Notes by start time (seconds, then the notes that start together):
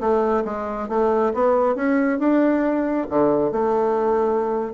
0.00 A3
0.45 G#3
0.89 A3
1.34 B3
1.75 C#4
2.19 D4
3.09 D3
3.52 A3